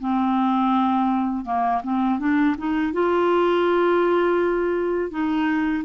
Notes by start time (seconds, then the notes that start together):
0.00 C4
1.45 A#3
1.83 C4
2.20 D4
2.58 D#4
2.93 F4
5.11 D#4